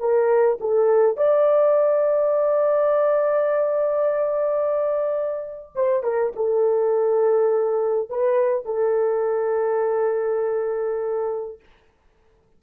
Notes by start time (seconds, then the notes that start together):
0.00 A#4
0.61 A4
1.17 D5
5.76 C5
6.04 A#4
6.37 A4
8.10 B4
8.66 A4